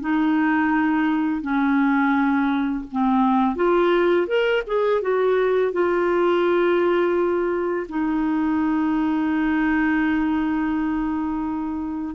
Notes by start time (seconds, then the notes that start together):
0.00 D#4
1.41 C#4
2.91 C4
3.55 F4
4.27 A#4
4.67 G#4
5.01 F#4
5.72 F4
7.88 D#4